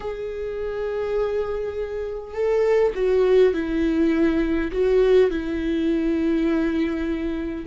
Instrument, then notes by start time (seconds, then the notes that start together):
viola
0.00 G#4
2.34 A4
2.94 F#4
3.53 E4
4.71 F#4
5.30 E4